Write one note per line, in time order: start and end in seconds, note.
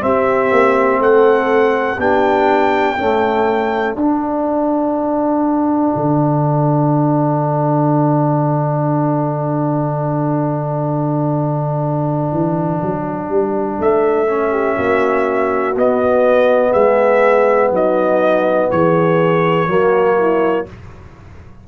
0.00 1.97 C4
0.00 0.52 C4
0.00 1.01 G4
0.00 1.02 E5
0.52 0.99 A#3
0.99 1.98 A3
0.99 2.00 A4
0.99 2.01 F#5
1.99 2.97 B3
1.99 2.98 D4
1.99 2.97 G4
1.99 3.96 G5
2.97 3.97 A3
2.97 3.96 C#4
2.97 14.51 A4
3.96 5.93 D4
3.96 14.28 D4
3.96 13.80 F#5
5.96 12.32 D3
12.32 12.81 E3
12.83 13.30 F#3
13.30 13.79 G3
13.80 14.78 A3
13.80 15.78 E5
14.28 15.76 C#4
14.51 14.76 G4
14.77 15.76 A#3
14.77 16.72 F#4
15.76 16.74 B3
15.76 19.68 B3
15.76 16.73 D#5
16.72 17.71 G#3
16.72 17.70 G#4
16.72 17.72 E5
17.71 18.69 F#3
17.71 18.71 D#4
17.71 18.71 D#5
18.71 19.68 E3
18.71 19.70 G#4
18.71 20.68 C#5
19.68 20.66 F#3
19.68 20.67 A#3
19.68 20.19 F#4
20.19 20.68 E4